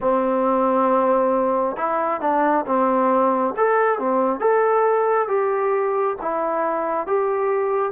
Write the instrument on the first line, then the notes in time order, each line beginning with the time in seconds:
trombone
0.00 C4
1.76 E4
2.21 D4
2.66 C4
3.57 A4
3.99 C4
4.40 A4
5.27 G4
6.21 E4
7.06 G4